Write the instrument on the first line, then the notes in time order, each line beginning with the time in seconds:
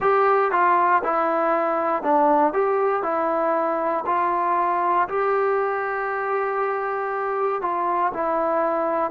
trombone
0.00 G4
0.51 F4
1.03 E4
2.02 D4
2.53 G4
3.02 E4
4.06 F4
5.08 G4
7.61 F4
8.14 E4